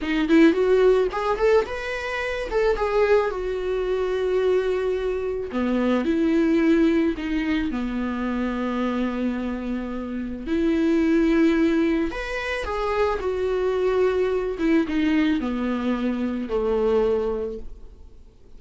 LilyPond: \new Staff \with { instrumentName = "viola" } { \time 4/4 \tempo 4 = 109 dis'8 e'8 fis'4 gis'8 a'8 b'4~ | b'8 a'8 gis'4 fis'2~ | fis'2 b4 e'4~ | e'4 dis'4 b2~ |
b2. e'4~ | e'2 b'4 gis'4 | fis'2~ fis'8 e'8 dis'4 | b2 a2 | }